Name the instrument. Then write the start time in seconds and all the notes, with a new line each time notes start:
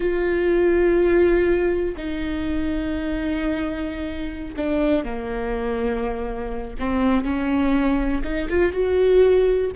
viola
0.00 F4
1.96 D#4
4.56 D4
5.04 A#3
6.79 C4
7.24 C#4
8.24 D#4
8.49 F4
8.72 F#4